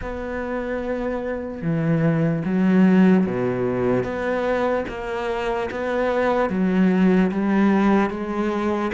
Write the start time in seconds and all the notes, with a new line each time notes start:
0.01 B3
1.61 E3
2.45 F#3
3.26 B2
4.03 B3
4.88 A#3
5.70 B3
6.49 F#3
7.31 G3
8.10 G#3